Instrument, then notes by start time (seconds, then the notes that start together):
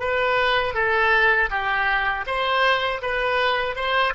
oboe
0.00 B4
0.75 A4
1.50 G4
2.27 C5
3.02 B4
3.76 C5